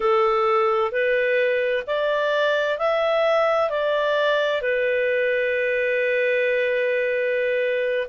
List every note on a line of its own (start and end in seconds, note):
0.00 0.91 A4
0.91 1.83 B4
1.87 2.78 D5
2.78 3.70 E5
3.70 4.61 D5
4.61 8.07 B4